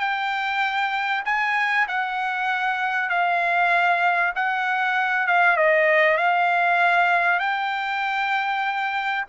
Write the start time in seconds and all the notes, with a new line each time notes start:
0.00 G5
1.26 G#5
1.88 F#5
3.10 F5
4.36 F#5
5.27 F5
5.57 D#5
6.18 F5
7.40 G5